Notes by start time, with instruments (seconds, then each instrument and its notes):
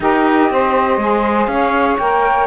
0.00 cello D#4, saxophone G4 A#4, flute D#5
0.50 cello C4, saxophone C5
0.97 cello G#3, saxophone G#4
1.46 cello C#4, saxophone C#5, flute F5
1.98 cello A#3, saxophone A#4, flute G5